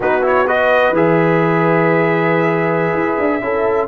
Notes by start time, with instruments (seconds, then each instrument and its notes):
0.00 tuba B3, trombone D#4, horn F#4, trumpet B4
0.22 trombone E4, trumpet C#5
0.47 trombone F#4, horn B4, trumpet D#5
0.91 tuba E3, trombone G#4, trumpet E5
2.94 tuba E4
3.19 tuba D4
3.40 tuba C#4, trombone E4, horn A4